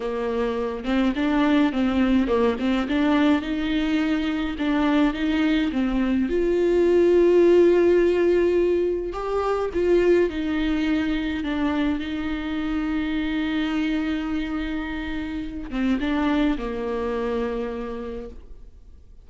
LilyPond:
\new Staff \with { instrumentName = "viola" } { \time 4/4 \tempo 4 = 105 ais4. c'8 d'4 c'4 | ais8 c'8 d'4 dis'2 | d'4 dis'4 c'4 f'4~ | f'1 |
g'4 f'4 dis'2 | d'4 dis'2.~ | dis'2.~ dis'8 c'8 | d'4 ais2. | }